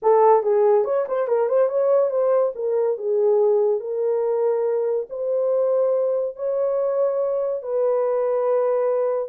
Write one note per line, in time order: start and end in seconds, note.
0.02 0.42 A4
0.42 0.84 G#4
0.84 1.05 C#5
1.08 1.27 C5
1.27 1.48 A#4
1.48 1.69 C5
1.69 2.10 C#5
2.10 2.52 C5
2.55 2.97 A#4
2.97 3.80 G#4
3.80 5.06 A#4
5.09 6.36 C5
6.36 7.62 C#5
7.62 9.28 B4